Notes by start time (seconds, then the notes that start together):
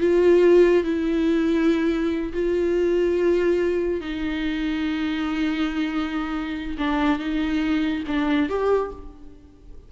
0.00 F4
0.84 E4
2.32 F4
4.01 D#4
6.78 D4
7.19 D#4
8.07 D4
8.49 G4